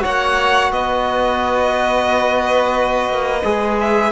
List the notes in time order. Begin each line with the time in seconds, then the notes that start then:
0.00 A#3 F#4 C#5 F#5
0.72 B3 B4 D#5
3.09 A#3
3.44 G#3 G#4
3.81 E5